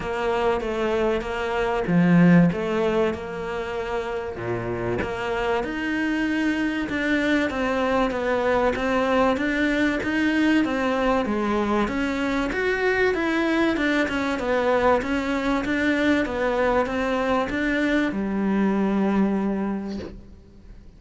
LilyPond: \new Staff \with { instrumentName = "cello" } { \time 4/4 \tempo 4 = 96 ais4 a4 ais4 f4 | a4 ais2 ais,4 | ais4 dis'2 d'4 | c'4 b4 c'4 d'4 |
dis'4 c'4 gis4 cis'4 | fis'4 e'4 d'8 cis'8 b4 | cis'4 d'4 b4 c'4 | d'4 g2. | }